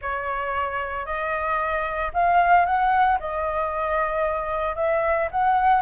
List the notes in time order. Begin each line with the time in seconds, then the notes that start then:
0.01 C#5
1.05 D#5
2.13 F5
2.65 F#5
3.19 D#5
4.75 E5
5.31 F#5